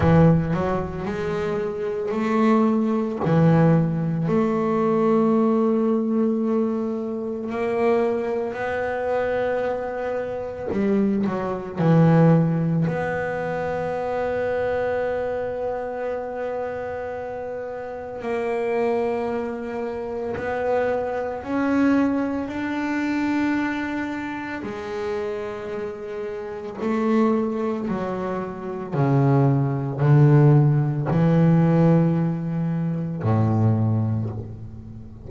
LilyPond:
\new Staff \with { instrumentName = "double bass" } { \time 4/4 \tempo 4 = 56 e8 fis8 gis4 a4 e4 | a2. ais4 | b2 g8 fis8 e4 | b1~ |
b4 ais2 b4 | cis'4 d'2 gis4~ | gis4 a4 fis4 cis4 | d4 e2 a,4 | }